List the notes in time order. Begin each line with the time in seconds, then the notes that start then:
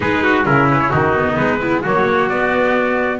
0.00 G#3 D#4 G#4 B4
0.23 F#4
0.44 C#3 C#4 E4 A#4
0.70 B4
0.80 C#5
0.89 D#3 D#4 F#4
1.14 B3
1.37 G#3 B4
1.60 B3 E4
1.82 F#3 A#3 F#4 C#5
2.28 B3 D5